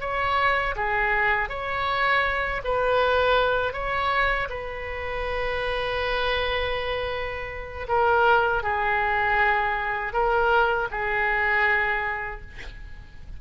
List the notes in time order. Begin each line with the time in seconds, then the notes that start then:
0.00 C#5
0.76 G#4
1.49 C#5
2.64 B4
3.73 C#5
4.50 B4
7.88 A#4
8.63 G#4
10.13 A#4
10.91 G#4